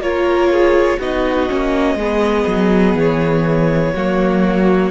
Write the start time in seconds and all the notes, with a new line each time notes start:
0.00 A#3 F4 A#4 C#5
0.52 G#4
1.00 B3 D#4 F#4 D#5
1.50 A#3 C#4
1.95 G#3 B3 G#4
2.47 F#3
2.94 E3 C#5
3.94 F#3 A#3 F#4